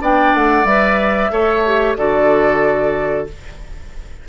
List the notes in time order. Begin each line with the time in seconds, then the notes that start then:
0.00 B3 D4 D5 G5
0.34 A3 F#5
0.64 G3 B4 E5
1.30 A3 A4 C#5
1.65 G4
1.96 D3 F#4 A4 D5